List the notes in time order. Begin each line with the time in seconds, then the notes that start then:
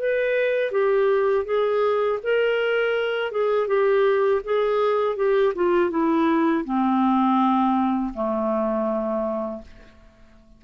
0.00 B4
0.72 G4
1.45 G#4
2.24 A#4
3.32 G#4
3.68 G4
4.44 G#4
5.17 G4
5.55 F4
5.91 E4
6.65 C4
8.14 A3